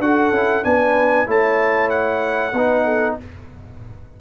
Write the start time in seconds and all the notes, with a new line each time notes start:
0.00 D4 F#4 A4 F#5
0.32 C#4 E4
0.64 B3 D4 B4 G#5
1.27 A3 E4 C#5 A5
1.90 F#5
2.53 B3 D#4 B4
2.85 A4